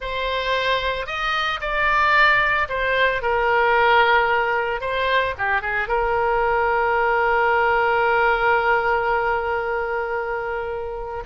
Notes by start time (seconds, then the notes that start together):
0.00 C5
1.06 D#5
1.60 D5
2.68 C5
3.21 A#4
4.81 C5
5.38 G4
5.61 G#4
5.88 A#4